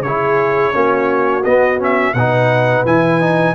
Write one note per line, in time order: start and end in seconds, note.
0.00 0.71 C#3
0.00 0.74 G#4
0.00 1.44 C#5
0.08 0.74 E4
0.74 1.45 A#3
0.74 1.44 C#4
0.74 2.15 F#4
1.44 2.14 B3
1.44 1.79 B3
1.44 1.79 D#5
1.79 2.15 C#4
1.79 2.14 E5
2.14 2.85 B2
2.14 2.86 D#4
2.14 3.55 B4
2.14 2.85 F#5
2.85 3.55 E3
2.85 3.21 E4
2.85 3.55 G#5
3.21 3.55 D#4